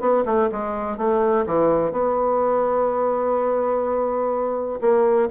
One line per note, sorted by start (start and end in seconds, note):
0.00 0.24 B3
0.26 0.50 A3
0.52 0.97 G#3
0.97 1.45 A3
1.46 1.92 E3
1.92 4.80 B3
4.81 5.29 A#3